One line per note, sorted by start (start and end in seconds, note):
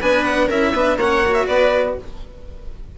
0.00 0.49 B3
0.00 0.49 D4
0.00 0.47 B4
0.00 0.24 G#5
0.24 0.48 F#5
0.47 0.73 C#4
0.47 0.75 E4
0.47 0.71 A#4
0.47 0.99 E5
0.73 0.96 B3
0.73 0.99 D4
0.73 0.97 B4
0.96 1.45 A#3
0.96 1.25 C#4
0.96 1.46 C#5
0.96 1.34 F#5
1.25 1.98 F#4
1.34 1.46 E5
1.46 1.96 B3
1.46 1.95 B4
1.46 1.96 D5